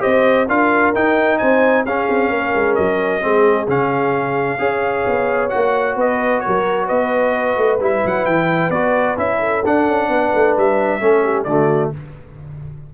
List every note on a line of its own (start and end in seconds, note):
0.00 0.48 C4
0.00 0.46 G4
0.00 0.47 C5
0.00 0.48 D#5
0.47 0.94 D4
0.47 0.94 F4
0.47 1.39 A#4
0.47 0.95 F5
0.95 1.40 D#4
0.95 1.86 D#4
0.95 1.38 G5
1.38 1.85 C4
1.38 1.85 C5
1.38 1.84 G#5
1.85 2.08 C#4
1.85 3.21 C#4
1.85 2.32 G#4
1.85 2.75 F5
2.09 2.30 C4
2.30 2.53 A#3
2.30 3.23 A#4
2.55 2.78 G#3
2.75 3.24 F#3
2.75 3.67 D#5
3.21 3.68 G#3
3.21 3.67 C4
3.21 4.60 G#4
3.68 4.59 C#3
3.68 4.59 C#4
3.68 5.50 F5
4.59 5.05 C#4
4.59 5.50 G#4
4.59 5.97 C#5
5.07 5.52 B3
5.50 5.96 A#3
5.50 7.79 F#4
5.50 5.95 F#5
5.96 6.42 B3
5.96 6.43 B4
5.96 6.40 D#5
6.40 6.86 A#4
6.40 6.86 C#5
6.47 6.90 F#3
6.86 7.57 B3
6.86 9.38 B4
6.86 7.79 D#5
7.57 7.80 A3
7.80 8.03 G3
7.80 8.73 E4
7.80 8.07 E5
8.05 8.26 F#3
8.05 8.26 F#5
8.26 8.70 E3
8.26 8.71 G5
8.70 9.16 B3
8.70 9.17 F#4
8.70 9.17 D5
9.17 9.63 C#4
9.17 9.63 E4
9.17 9.65 E5
9.40 10.08 A4
9.65 9.87 D4
9.65 11.00 D4
9.65 10.57 F#5
9.87 10.08 C#4
10.08 10.31 B3
10.08 11.01 B4
10.35 10.57 A3
10.57 11.01 G3
10.57 11.44 E5
11.00 11.46 A3
11.00 11.46 C#4
11.00 11.24 A4
11.24 11.47 G4
11.44 11.92 D3
11.44 11.94 A3
11.44 11.94 F#4
11.44 11.90 D5